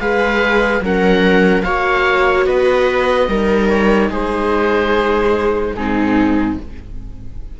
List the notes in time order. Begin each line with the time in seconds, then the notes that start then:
0.00 G#3 G#4 B4 F5
0.80 F#3 C#4 A#4 F#5
1.63 A#3 F#4 C#5 F5
2.46 B3 B4 D#5
3.28 G3 D#4 A#4
3.68 C#5
4.10 G#3 G#4 C5
5.75 G#2 C4 D#4 G#4